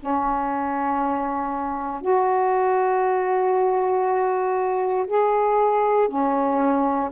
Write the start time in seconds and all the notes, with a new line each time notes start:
0.00 C#4
2.02 F#4
5.07 G#4
6.08 C#4